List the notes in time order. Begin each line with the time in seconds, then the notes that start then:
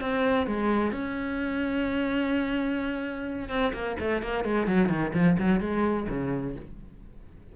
0.00 C4
0.46 G#3
0.91 C#4
3.49 C4
3.73 A#3
4.00 A3
4.22 A#3
4.44 G#3
4.66 F#3
4.89 D#3
5.13 F3
5.38 F#3
5.60 G#3
6.09 C#3